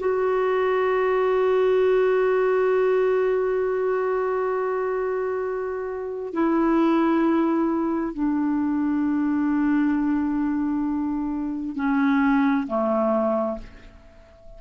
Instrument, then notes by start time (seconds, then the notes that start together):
clarinet
0.00 F#4
6.34 E4
8.14 D4
11.76 C#4
12.67 A3